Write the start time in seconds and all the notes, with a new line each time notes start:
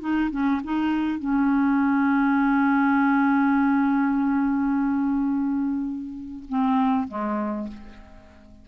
0.00 D#4
0.31 C#4
0.64 D#4
1.19 C#4
6.48 C4
7.07 G#3